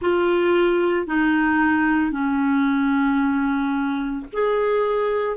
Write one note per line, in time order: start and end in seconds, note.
0.01 1.06 F4
1.06 2.11 D#4
2.11 4.25 C#4
4.32 5.36 G#4